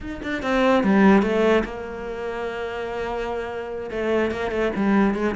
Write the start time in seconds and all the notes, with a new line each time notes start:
0.00 D#4
0.22 D4
0.42 C4
0.83 G3
1.22 A3
1.64 A#3
3.90 A3
4.31 A#3
4.51 A3
4.76 G3
5.14 G#3